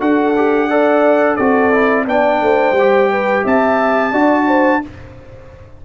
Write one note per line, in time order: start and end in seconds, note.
0.00 1.38 D4
0.00 0.34 F#4
0.00 0.70 A4
0.00 1.36 F#5
0.36 0.70 G4
0.70 1.39 A4
0.70 1.36 D5
1.36 2.07 C4
1.36 1.72 F#4
1.36 2.05 A4
1.36 2.05 D5
1.72 2.06 E4
2.06 2.41 B3
2.06 2.76 D4
2.06 2.41 D5
2.06 3.46 G5
2.41 2.72 A3
2.41 3.11 C5
2.72 3.41 G3
2.79 4.13 G4
3.11 3.44 B4
3.44 4.12 C4
3.44 4.12 E5
3.44 4.85 A5
4.12 4.81 D4
4.12 4.82 F#4
4.12 4.46 D5
4.48 4.82 C5